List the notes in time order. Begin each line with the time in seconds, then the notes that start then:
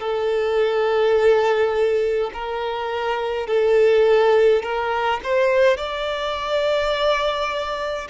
0.00 A4
2.33 A#4
3.47 A4
4.63 A#4
5.23 C5
5.77 D5